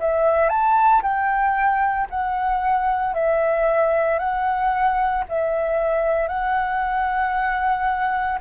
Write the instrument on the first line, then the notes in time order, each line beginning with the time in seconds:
flute
0.00 E5
0.49 A5
1.02 G5
2.10 F#5
3.14 E5
4.19 F#5
5.29 E5
6.28 F#5